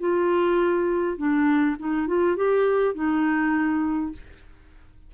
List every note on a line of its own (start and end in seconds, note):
0.00 1.18 F4
1.18 1.76 D4
1.79 2.07 D#4
2.07 2.37 F4
2.37 2.95 G4
2.95 4.13 D#4